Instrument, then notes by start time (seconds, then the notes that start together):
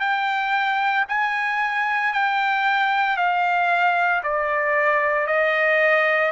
trumpet
0.00 G5
1.09 G#5
2.13 G5
3.17 F5
4.23 D5
5.27 D#5